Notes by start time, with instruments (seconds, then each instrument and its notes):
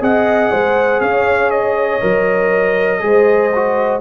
0.00 tuba C4, trombone G#4, horn D#5, trumpet F#5
0.51 tuba G#3, horn C5
1.00 tuba C#4, horn C#5, trumpet F5
1.50 trumpet D#5
2.00 tuba F#3, trombone A#4
3.00 tuba G#3, trombone G#4, horn C5
3.55 trombone F#4